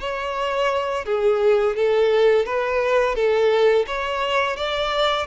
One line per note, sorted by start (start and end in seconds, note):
0.00 1.06 C#5
1.06 1.76 G#4
1.76 2.46 A4
2.46 3.15 B4
3.15 3.86 A4
3.87 4.57 C#5
4.57 5.27 D5